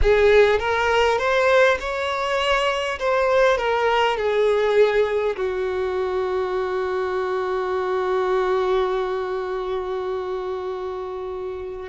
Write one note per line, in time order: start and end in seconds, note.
0.02 0.59 G#4
0.59 1.18 A#4
1.18 1.77 C5
1.80 2.98 C#5
2.99 3.57 C5
3.57 4.17 A#4
4.17 5.35 G#4
5.36 11.88 F#4